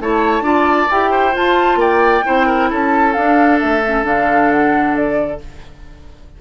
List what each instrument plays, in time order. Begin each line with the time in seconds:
0.00 bassoon A3, clarinet E4, oboe C#5, flute A5
0.42 bassoon D4, clarinet F4, oboe D5
0.91 bassoon E4, clarinet G4, flute G5
1.11 oboe C5
1.32 clarinet F4, bassoon F4, flute A5
1.76 bassoon A#3, oboe D5, flute G5
2.25 bassoon C4, clarinet E4, oboe C5
2.47 oboe A#4
2.71 bassoon C#4, oboe A4, flute A5
3.13 clarinet D4, bassoon D4, flute F5
3.60 bassoon A3, flute E5
3.85 clarinet C#4
4.04 bassoon D3, clarinet D4, flute F5
4.51 flute F#5
4.96 flute D5